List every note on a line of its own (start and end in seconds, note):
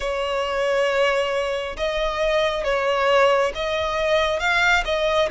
0.00 1.76 C#5
1.76 2.64 D#5
2.64 3.52 C#5
3.54 4.39 D#5
4.39 4.83 F5
4.84 5.29 D#5